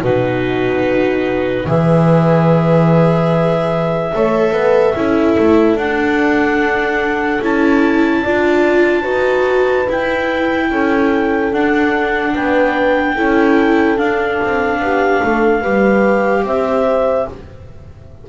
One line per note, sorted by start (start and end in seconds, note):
0.00 1.66 B2
0.00 1.67 D#4
0.00 1.64 F#4
0.00 1.68 B4
1.66 4.12 E3
1.66 4.13 G#4
1.66 4.14 B4
1.66 5.78 E5
4.14 4.52 A3
4.14 4.95 A4
4.14 4.53 C#5
4.52 4.93 B3
4.52 4.94 B4
4.95 5.36 C#4
4.95 5.78 E4
4.95 8.22 A4
5.38 5.75 A3
5.75 7.39 D4
5.75 7.42 D4
5.75 7.42 F#5
7.41 8.24 C#4
7.41 8.24 E4
7.41 9.90 A5
8.22 9.05 D4
8.22 9.03 F4
8.22 9.02 D5
9.02 9.87 D#4
9.02 9.85 F#4
9.02 10.66 B4
9.89 10.70 E4
9.89 11.53 E4
9.89 11.53 G5
10.70 11.52 C#4
10.70 12.34 A4
11.52 12.34 D4
11.52 13.16 D4
11.52 12.34 F#5
12.34 13.18 B3
12.34 13.15 B4
12.34 13.98 G5
13.15 13.98 C#4
13.15 13.97 E4
13.15 14.79 A4
13.97 15.61 D4
13.97 14.39 D4
13.97 16.44 F5
14.43 14.79 C4
14.79 15.21 B3
14.79 15.23 G4
15.23 15.64 A3
15.23 15.60 A4
15.60 16.43 G3
15.60 17.27 G4
15.60 16.42 B4
16.43 17.25 C4
16.43 17.28 C5
16.43 17.28 E5